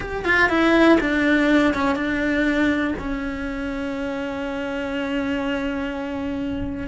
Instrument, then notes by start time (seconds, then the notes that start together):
cello
0.00 G4
0.25 F4
0.49 E4
1.00 D4
1.74 C#4
1.95 D4
2.99 C#4